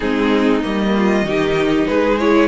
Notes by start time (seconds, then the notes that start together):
0.00 G#3 C4 D#4 G#4
0.62 G3 A#3 D#5
0.96 F4
1.22 D#3 D#4 G4
1.87 G#3 G#4 B4
2.18 E4 C#5